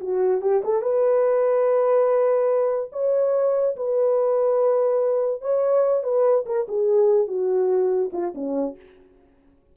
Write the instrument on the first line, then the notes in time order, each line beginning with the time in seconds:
horn
0.00 F#4
0.41 G4
0.64 A4
0.81 B4
2.92 C#5
3.76 B4
5.41 C#5
6.03 B4
6.45 A#4
6.68 G#4
7.27 F#4
8.12 F4
8.34 C#4